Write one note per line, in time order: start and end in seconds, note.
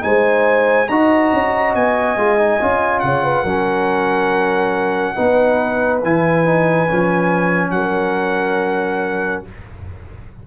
0.00 0.89 G#3
0.00 0.86 D#4
0.00 0.88 C5
0.00 0.88 G#5
0.88 1.31 D#4
0.88 2.17 F#4
0.88 3.03 D#5
0.88 1.74 A#5
1.32 1.75 C#4
1.74 2.16 B3
1.74 2.99 G#5
2.16 2.59 G#3
2.16 2.38 F4
2.38 2.59 D#4
2.61 3.02 C#4
2.61 3.46 F4
2.99 3.43 C#3
2.99 3.23 C#5
2.99 5.99 F#5
3.23 3.42 B4
3.42 5.15 F#3
3.42 5.15 C#4
3.42 5.14 A#4
5.15 6.03 B3
5.15 6.01 D#4
5.15 7.72 B4
6.03 6.89 E3
6.03 6.45 E4
6.03 7.70 G#5
6.45 6.87 D#4
6.87 7.70 F3
6.87 9.45 C#4
7.70 9.42 F#3
7.70 9.46 A#4
7.70 9.42 F#5